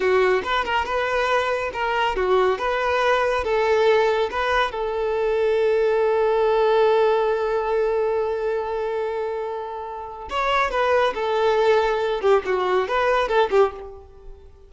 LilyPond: \new Staff \with { instrumentName = "violin" } { \time 4/4 \tempo 4 = 140 fis'4 b'8 ais'8 b'2 | ais'4 fis'4 b'2 | a'2 b'4 a'4~ | a'1~ |
a'1~ | a'1 | cis''4 b'4 a'2~ | a'8 g'8 fis'4 b'4 a'8 g'8 | }